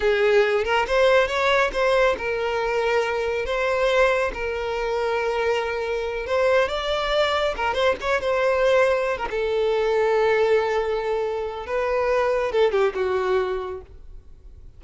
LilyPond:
\new Staff \with { instrumentName = "violin" } { \time 4/4 \tempo 4 = 139 gis'4. ais'8 c''4 cis''4 | c''4 ais'2. | c''2 ais'2~ | ais'2~ ais'8 c''4 d''8~ |
d''4. ais'8 c''8 cis''8 c''4~ | c''4~ c''16 ais'16 a'2~ a'8~ | a'2. b'4~ | b'4 a'8 g'8 fis'2 | }